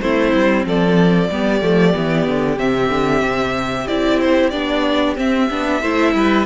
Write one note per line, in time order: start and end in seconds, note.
0.00 0.33 A3
0.00 1.30 C4
0.00 0.66 E4
0.00 0.65 C5
0.33 0.65 G3
0.65 1.29 F3
0.65 1.30 A4
0.65 2.58 D5
1.30 1.61 G3
1.30 1.61 B3
1.30 5.81 G4
1.61 1.94 F3
1.61 1.93 A3
1.93 2.27 E3
1.93 2.57 B3
2.27 2.58 D3
2.58 2.89 C3
2.58 3.88 C4
2.58 3.87 E5
2.89 3.21 D3
3.22 3.86 C3
3.87 4.53 C4
3.87 4.52 E4
3.87 4.19 D5
4.20 4.50 C5
4.50 5.17 B3
4.50 5.16 D4
4.50 5.14 D5
5.16 5.48 C4
5.16 5.49 C4
5.16 6.45 E5
5.50 5.82 B3
5.50 5.82 D4
5.81 6.14 A3
5.81 6.45 E4
5.81 6.13 C5
6.14 6.45 G3
6.14 6.45 B4